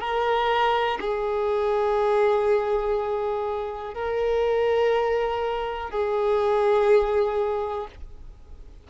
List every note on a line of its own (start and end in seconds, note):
0.00 0.98 A#4
1.00 3.94 G#4
3.94 5.90 A#4
5.90 7.87 G#4